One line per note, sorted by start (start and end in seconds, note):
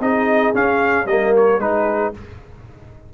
0.00 0.53 C4
0.00 0.54 D#4
0.00 1.07 G#4
0.00 0.55 D#5
0.54 1.07 C#4
0.54 1.05 C#4
0.54 1.07 F5
1.05 1.58 G3
1.05 1.61 A#3
1.05 1.60 A#4
1.05 1.33 D#5
1.37 1.61 C#5
1.58 2.11 G#3
1.58 2.14 D#4
1.58 2.13 G#4
1.58 2.14 B4